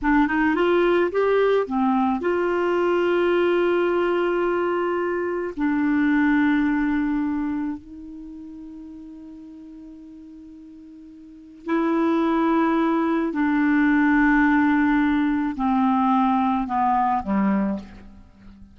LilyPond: \new Staff \with { instrumentName = "clarinet" } { \time 4/4 \tempo 4 = 108 d'8 dis'8 f'4 g'4 c'4 | f'1~ | f'2 d'2~ | d'2 dis'2~ |
dis'1~ | dis'4 e'2. | d'1 | c'2 b4 g4 | }